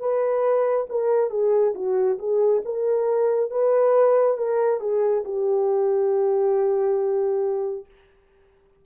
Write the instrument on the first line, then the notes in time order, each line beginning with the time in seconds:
horn
0.00 B4
0.89 A#4
1.30 G#4
1.75 F#4
2.19 G#4
2.65 A#4
3.51 B4
4.38 A#4
4.81 G#4
5.25 G4